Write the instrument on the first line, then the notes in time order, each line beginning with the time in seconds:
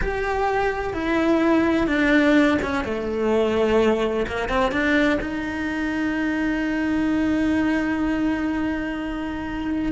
cello
0.01 G4
0.93 E4
1.87 D4
2.62 C#4
2.84 A3
4.27 A#3
4.48 C4
4.71 D4
5.20 D#4